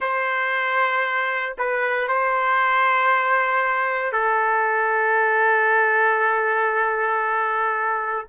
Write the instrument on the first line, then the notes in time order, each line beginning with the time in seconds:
trumpet
0.00 C5
1.58 B4
2.08 C5
4.12 A4